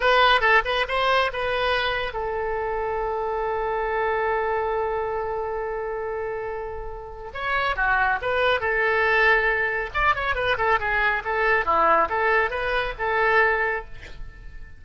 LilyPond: \new Staff \with { instrumentName = "oboe" } { \time 4/4 \tempo 4 = 139 b'4 a'8 b'8 c''4 b'4~ | b'4 a'2.~ | a'1~ | a'1~ |
a'4 cis''4 fis'4 b'4 | a'2. d''8 cis''8 | b'8 a'8 gis'4 a'4 e'4 | a'4 b'4 a'2 | }